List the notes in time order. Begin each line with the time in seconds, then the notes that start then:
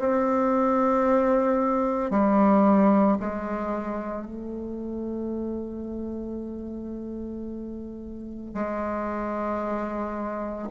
0.00 C4
2.11 G3
3.20 G#3
4.26 A3
8.55 G#3